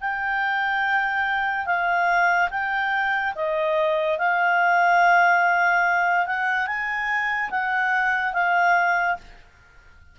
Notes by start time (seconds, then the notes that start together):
0.00 G5
1.66 F5
2.50 G5
3.35 D#5
4.18 F5
6.26 F#5
6.66 G#5
7.50 F#5
8.33 F5